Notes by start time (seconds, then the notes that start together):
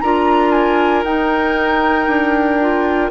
0.00 D4 F4 A#4 A#5
0.51 G#5
1.03 D#4 G5
2.07 D4
2.60 F4